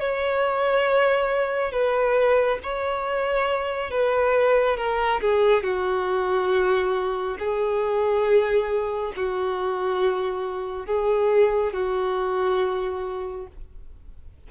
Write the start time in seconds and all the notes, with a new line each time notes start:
0.00 C#5
1.72 B4
2.63 C#5
3.91 B4
4.77 A#4
5.21 G#4
5.64 F#4
7.40 G#4
9.16 F#4
10.86 G#4
11.73 F#4